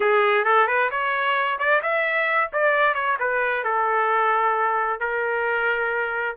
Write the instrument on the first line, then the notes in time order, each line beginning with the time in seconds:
trumpet
0.00 G#4
0.44 A4
0.67 B4
0.90 C#5
1.58 D5
1.82 E5
2.52 D5
2.94 C#5
3.19 B4
3.64 A4
5.00 A#4